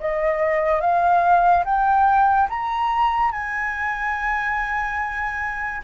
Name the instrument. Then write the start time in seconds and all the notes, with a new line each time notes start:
flute
0.00 D#5
0.81 F5
1.65 G5
2.49 A#5
3.32 G#5